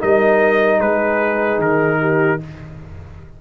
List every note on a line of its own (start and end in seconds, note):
0.00 0.81 G3
0.00 2.41 D#4
0.00 0.78 A#4
0.00 0.81 D#5
0.78 1.59 G#3
0.78 1.98 G#4
0.78 1.61 B4
1.59 2.39 D#3
1.59 2.42 A#4
2.01 2.41 G4